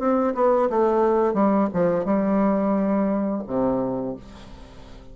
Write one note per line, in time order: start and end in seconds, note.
0.00 0.34 C4
0.35 0.70 B3
0.70 1.34 A3
1.34 1.69 G3
1.74 2.06 F3
2.06 3.44 G3
3.48 4.17 C3